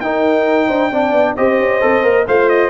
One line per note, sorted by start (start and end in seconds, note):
0.00 0.67 D#4
0.00 0.92 D#4
0.00 0.67 A#4
0.00 1.34 G5
0.67 0.91 D4
0.67 0.90 C5
0.91 1.12 C4
0.91 1.37 D4
0.91 1.37 D5
1.12 1.34 B3
1.36 1.60 C4
1.36 1.81 G4
1.36 2.26 C5
1.36 2.26 D#5
1.60 1.82 C#4
1.81 2.03 C4
1.81 2.03 A4
2.03 2.26 A#3
2.03 2.26 A#4
2.27 2.69 A3
2.27 2.69 F4
2.27 2.69 C5
2.27 2.49 F5
2.49 2.69 D#5